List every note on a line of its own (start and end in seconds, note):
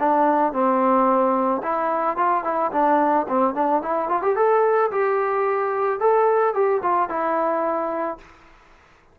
0.00 0.53 D4
0.53 1.62 C4
1.63 2.17 E4
2.17 2.44 F4
2.44 2.71 E4
2.72 3.27 D4
3.29 3.55 C4
3.55 3.82 D4
3.83 4.09 E4
4.09 4.22 F4
4.22 4.36 G4
4.36 4.91 A4
4.91 6.00 G4
6.00 6.55 A4
6.55 6.82 G4
6.83 7.09 F4
7.09 8.18 E4